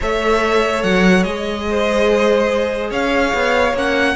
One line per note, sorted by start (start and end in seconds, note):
0.00 0.83 A3
0.00 1.24 A4
0.00 1.65 C#5
0.00 0.83 E5
0.83 1.24 F#3
0.83 1.23 F#5
1.23 2.91 G#3
1.23 3.74 G#4
1.23 2.89 D#5
1.69 2.90 C5
2.90 3.32 C#4
2.90 4.15 C#5
2.90 3.76 F5
3.33 3.73 B3
3.73 4.15 A#3
3.73 4.15 C#4
3.73 4.15 F#5